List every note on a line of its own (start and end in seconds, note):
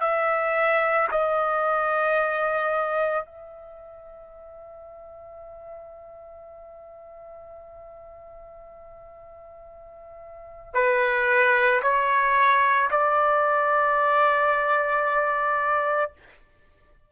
0.00 1.07 E5
1.11 3.25 D#5
3.25 10.73 E5
10.73 11.81 B4
11.82 12.89 C#5
12.90 16.12 D5